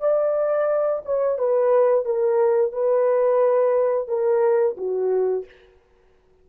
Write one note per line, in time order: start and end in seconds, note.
0.00 1.02 D5
1.05 1.39 C#5
1.39 2.05 B4
2.05 2.72 A#4
2.72 4.08 B4
4.08 4.76 A#4
4.77 5.45 F#4